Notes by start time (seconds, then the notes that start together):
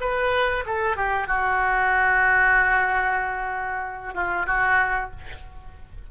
0.00 B4
0.66 A4
0.96 G4
1.27 F#4
4.14 F4
4.46 F#4